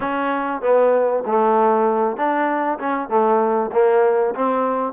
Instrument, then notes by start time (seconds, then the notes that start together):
trombone
0.00 C#4
0.61 B3
1.26 A3
2.16 D4
2.79 C#4
3.08 A3
3.72 A#3
4.35 C4